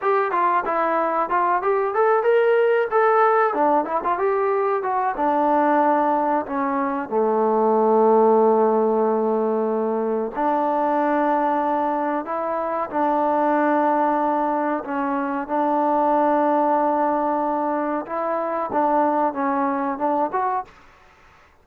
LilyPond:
\new Staff \with { instrumentName = "trombone" } { \time 4/4 \tempo 4 = 93 g'8 f'8 e'4 f'8 g'8 a'8 ais'8~ | ais'8 a'4 d'8 e'16 f'16 g'4 fis'8 | d'2 cis'4 a4~ | a1 |
d'2. e'4 | d'2. cis'4 | d'1 | e'4 d'4 cis'4 d'8 fis'8 | }